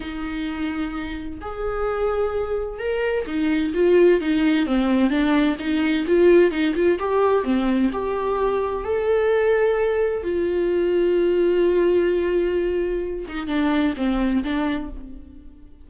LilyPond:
\new Staff \with { instrumentName = "viola" } { \time 4/4 \tempo 4 = 129 dis'2. gis'4~ | gis'2 ais'4 dis'4 | f'4 dis'4 c'4 d'4 | dis'4 f'4 dis'8 f'8 g'4 |
c'4 g'2 a'4~ | a'2 f'2~ | f'1~ | f'8 dis'8 d'4 c'4 d'4 | }